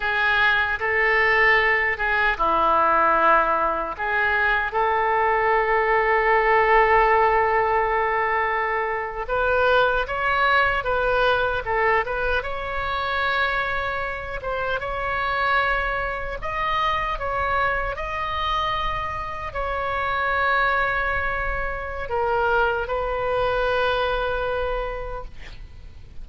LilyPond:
\new Staff \with { instrumentName = "oboe" } { \time 4/4 \tempo 4 = 76 gis'4 a'4. gis'8 e'4~ | e'4 gis'4 a'2~ | a'2.~ a'8. b'16~ | b'8. cis''4 b'4 a'8 b'8 cis''16~ |
cis''2~ cis''16 c''8 cis''4~ cis''16~ | cis''8. dis''4 cis''4 dis''4~ dis''16~ | dis''8. cis''2.~ cis''16 | ais'4 b'2. | }